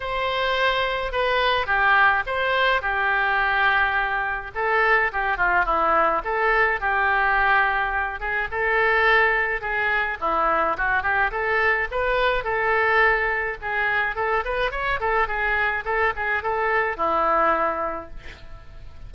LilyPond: \new Staff \with { instrumentName = "oboe" } { \time 4/4 \tempo 4 = 106 c''2 b'4 g'4 | c''4 g'2. | a'4 g'8 f'8 e'4 a'4 | g'2~ g'8 gis'8 a'4~ |
a'4 gis'4 e'4 fis'8 g'8 | a'4 b'4 a'2 | gis'4 a'8 b'8 cis''8 a'8 gis'4 | a'8 gis'8 a'4 e'2 | }